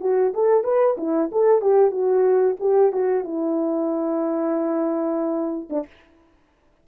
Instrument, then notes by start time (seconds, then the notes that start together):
horn
0.00 F#4
0.33 A4
0.63 B4
0.97 E4
1.31 A4
1.61 G4
1.91 F#4
2.60 G4
2.92 F#4
3.24 E4
5.70 D4